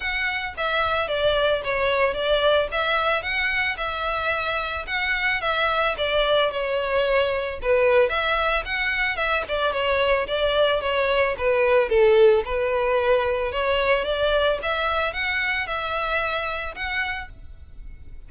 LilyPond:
\new Staff \with { instrumentName = "violin" } { \time 4/4 \tempo 4 = 111 fis''4 e''4 d''4 cis''4 | d''4 e''4 fis''4 e''4~ | e''4 fis''4 e''4 d''4 | cis''2 b'4 e''4 |
fis''4 e''8 d''8 cis''4 d''4 | cis''4 b'4 a'4 b'4~ | b'4 cis''4 d''4 e''4 | fis''4 e''2 fis''4 | }